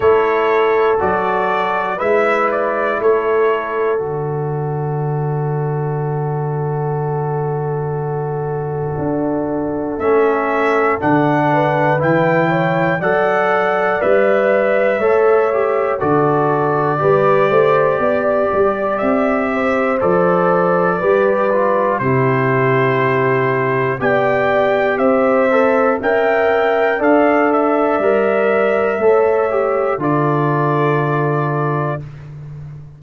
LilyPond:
<<
  \new Staff \with { instrumentName = "trumpet" } { \time 4/4 \tempo 4 = 60 cis''4 d''4 e''8 d''8 cis''4 | d''1~ | d''2 e''4 fis''4 | g''4 fis''4 e''2 |
d''2. e''4 | d''2 c''2 | g''4 e''4 g''4 f''8 e''8~ | e''2 d''2 | }
  \new Staff \with { instrumentName = "horn" } { \time 4/4 a'2 b'4 a'4~ | a'1~ | a'2.~ a'8 b'8~ | b'8 cis''8 d''2 cis''4 |
a'4 b'8 c''8 d''4. c''8~ | c''4 b'4 g'2 | d''4 c''4 e''4 d''4~ | d''4 cis''4 a'2 | }
  \new Staff \with { instrumentName = "trombone" } { \time 4/4 e'4 fis'4 e'2 | fis'1~ | fis'2 cis'4 d'4 | e'4 a'4 b'4 a'8 g'8 |
fis'4 g'2. | a'4 g'8 f'8 e'2 | g'4. a'8 ais'4 a'4 | ais'4 a'8 g'8 f'2 | }
  \new Staff \with { instrumentName = "tuba" } { \time 4/4 a4 fis4 gis4 a4 | d1~ | d4 d'4 a4 d4 | e4 fis4 g4 a4 |
d4 g8 a8 b8 g8 c'4 | f4 g4 c2 | b4 c'4 cis'4 d'4 | g4 a4 d2 | }
>>